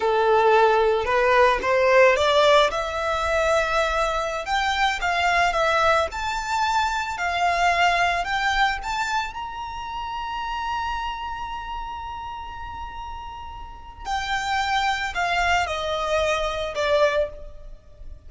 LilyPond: \new Staff \with { instrumentName = "violin" } { \time 4/4 \tempo 4 = 111 a'2 b'4 c''4 | d''4 e''2.~ | e''16 g''4 f''4 e''4 a''8.~ | a''4~ a''16 f''2 g''8.~ |
g''16 a''4 ais''2~ ais''8.~ | ais''1~ | ais''2 g''2 | f''4 dis''2 d''4 | }